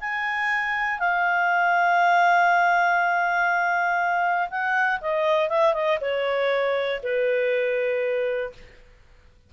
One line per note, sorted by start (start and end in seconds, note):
0.00 0.99 G#5
0.99 4.49 F5
4.50 5.00 F#5
5.00 5.49 D#5
5.49 5.73 E5
5.73 5.98 D#5
6.01 7.01 C#5
7.03 8.53 B4